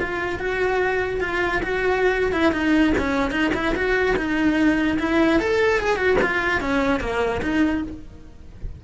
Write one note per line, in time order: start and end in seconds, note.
0.00 0.39 F4
0.39 1.21 F#4
1.21 1.62 F4
1.63 2.32 F#4
2.32 2.52 E4
2.52 2.93 D#4
2.98 3.31 C#4
3.31 3.52 D#4
3.54 3.75 E4
3.75 4.16 F#4
4.16 4.98 D#4
4.99 5.40 E4
5.40 5.80 A4
5.80 5.96 G#4
5.96 6.17 F#4
6.22 6.61 F4
6.61 7.00 C#4
7.00 7.41 A#3
7.42 7.83 D#4